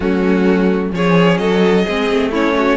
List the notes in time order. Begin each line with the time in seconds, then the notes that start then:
0.00 F#3 A3 C#4 F#4
0.92 F3 C#4 G#4 C#5
1.37 F#3 A4 D#5
1.85 G#3 C4 G#4
2.10 A3
2.31 C#4 E4 C#5
2.57 F#4